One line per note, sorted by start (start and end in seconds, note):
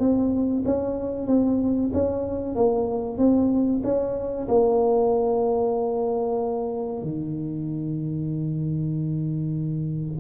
0.00 0.64 C4
0.66 1.28 C#4
1.28 1.91 C4
1.94 2.56 C#4
2.56 3.18 A#3
3.18 3.82 C4
3.84 4.48 C#4
4.49 7.03 A#3
7.03 10.20 D#3